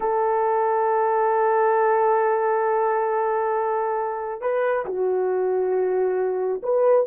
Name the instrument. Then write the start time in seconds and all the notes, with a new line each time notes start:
horn
0.00 A4
4.41 B4
4.85 F#4
6.63 B4